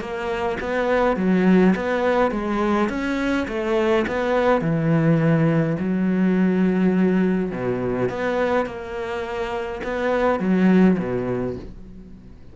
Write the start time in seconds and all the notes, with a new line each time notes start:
0.00 A#3
0.60 B3
1.16 F#3
1.75 B3
2.31 G#3
2.89 C#4
3.47 A3
4.07 B3
4.60 E3
5.79 F#3
7.51 B2
8.09 B3
8.65 A#3
9.83 B3
10.39 F#3
10.98 B2